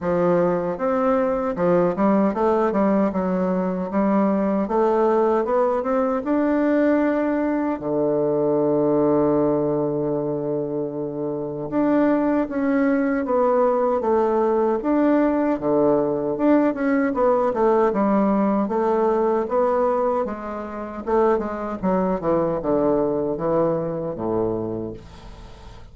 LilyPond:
\new Staff \with { instrumentName = "bassoon" } { \time 4/4 \tempo 4 = 77 f4 c'4 f8 g8 a8 g8 | fis4 g4 a4 b8 c'8 | d'2 d2~ | d2. d'4 |
cis'4 b4 a4 d'4 | d4 d'8 cis'8 b8 a8 g4 | a4 b4 gis4 a8 gis8 | fis8 e8 d4 e4 a,4 | }